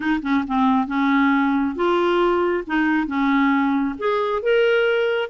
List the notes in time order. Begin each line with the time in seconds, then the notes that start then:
0.00 D#4
0.22 C#4
0.47 C4
0.87 C#4
1.75 F4
2.66 D#4
3.07 C#4
3.98 G#4
4.42 A#4